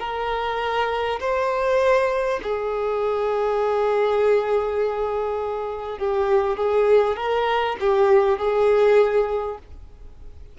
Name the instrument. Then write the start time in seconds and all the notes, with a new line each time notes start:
violin
0.00 A#4
1.21 C5
2.43 G#4
5.99 G4
6.57 G#4
7.17 A#4
7.81 G4
8.38 G#4